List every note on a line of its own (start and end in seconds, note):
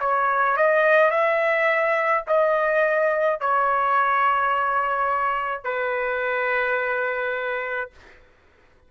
0.00 0.57 C#5
0.57 1.11 D#5
1.11 2.24 E5
2.27 3.40 D#5
3.40 5.64 C#5
5.64 7.90 B4